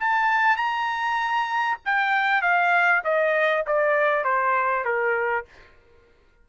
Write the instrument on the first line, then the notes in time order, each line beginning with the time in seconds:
trumpet
0.00 A5
0.57 A#5
1.86 G5
2.42 F5
3.04 D#5
3.67 D5
4.25 C5
4.85 A#4